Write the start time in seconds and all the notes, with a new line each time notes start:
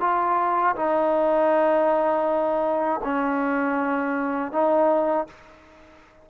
0.00 F4
0.75 D#4
3.03 C#4
4.52 D#4